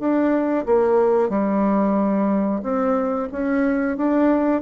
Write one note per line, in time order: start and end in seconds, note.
0.00 0.66 D4
0.67 1.30 A#3
1.30 2.62 G3
2.63 3.29 C4
3.33 3.98 C#4
3.98 4.62 D4